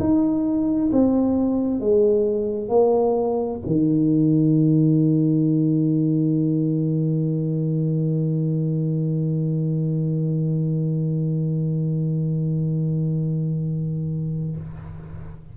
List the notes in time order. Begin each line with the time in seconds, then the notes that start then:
0.00 D#4
0.93 C4
1.80 G#3
2.69 A#3
3.66 D#3